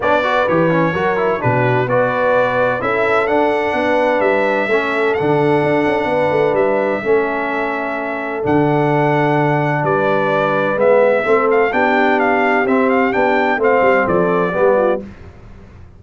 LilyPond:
<<
  \new Staff \with { instrumentName = "trumpet" } { \time 4/4 \tempo 4 = 128 d''4 cis''2 b'4 | d''2 e''4 fis''4~ | fis''4 e''2 fis''4~ | fis''2 e''2~ |
e''2 fis''2~ | fis''4 d''2 e''4~ | e''8 f''8 g''4 f''4 e''8 f''8 | g''4 f''4 d''2 | }
  \new Staff \with { instrumentName = "horn" } { \time 4/4 cis''8 b'4. ais'4 fis'4 | b'2 a'2 | b'2 a'2~ | a'4 b'2 a'4~ |
a'1~ | a'4 b'2. | a'4 g'2.~ | g'4 c''4 a'4 g'8 f'8 | }
  \new Staff \with { instrumentName = "trombone" } { \time 4/4 d'8 fis'8 g'8 cis'8 fis'8 e'8 d'4 | fis'2 e'4 d'4~ | d'2 cis'4 d'4~ | d'2. cis'4~ |
cis'2 d'2~ | d'2. b4 | c'4 d'2 c'4 | d'4 c'2 b4 | }
  \new Staff \with { instrumentName = "tuba" } { \time 4/4 b4 e4 fis4 b,4 | b2 cis'4 d'4 | b4 g4 a4 d4 | d'8 cis'8 b8 a8 g4 a4~ |
a2 d2~ | d4 g2 gis4 | a4 b2 c'4 | b4 a8 g8 f4 g4 | }
>>